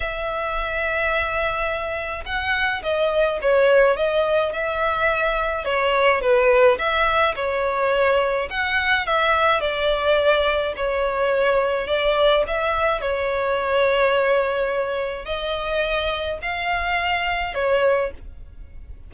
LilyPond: \new Staff \with { instrumentName = "violin" } { \time 4/4 \tempo 4 = 106 e''1 | fis''4 dis''4 cis''4 dis''4 | e''2 cis''4 b'4 | e''4 cis''2 fis''4 |
e''4 d''2 cis''4~ | cis''4 d''4 e''4 cis''4~ | cis''2. dis''4~ | dis''4 f''2 cis''4 | }